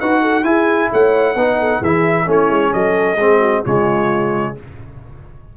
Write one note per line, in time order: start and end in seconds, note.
0.00 0.44 D#4
0.00 0.44 F#4
0.00 0.22 B4
0.00 0.45 F#5
0.22 0.45 A4
0.44 0.89 E4
0.44 1.35 E4
0.44 0.92 G#4
0.44 0.90 G#5
0.92 1.36 A3
0.92 1.37 C#5
0.92 1.84 F#5
1.36 1.81 B3
1.36 1.84 D#4
1.36 1.59 B4
1.60 1.80 A4
1.80 2.27 E3
1.80 2.26 E4
1.80 2.25 G#4
1.80 2.30 E5
2.26 2.50 A3
2.26 3.17 C#4
2.26 2.73 E4
2.26 2.74 C#5
2.50 2.72 G#3
2.74 3.17 F#3
2.74 3.21 A4
2.74 3.65 D#5
3.17 3.62 G#3
3.17 3.66 C4
3.17 3.40 G#4
3.40 3.63 F#4
3.65 4.57 C#3
3.65 4.57 G#3
3.65 4.56 F4
3.65 4.57 C#5